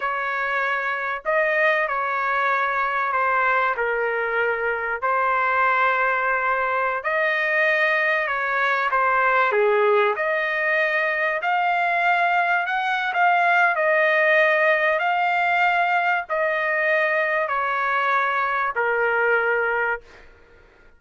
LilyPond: \new Staff \with { instrumentName = "trumpet" } { \time 4/4 \tempo 4 = 96 cis''2 dis''4 cis''4~ | cis''4 c''4 ais'2 | c''2.~ c''16 dis''8.~ | dis''4~ dis''16 cis''4 c''4 gis'8.~ |
gis'16 dis''2 f''4.~ f''16~ | f''16 fis''8. f''4 dis''2 | f''2 dis''2 | cis''2 ais'2 | }